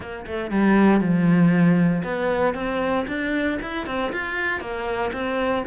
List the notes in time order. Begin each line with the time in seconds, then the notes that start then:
0.00 A#3
0.26 A3
0.50 G3
1.00 F3
2.03 B3
2.54 C4
3.07 D4
3.62 E4
3.86 C4
4.12 F4
4.60 A#3
5.12 C4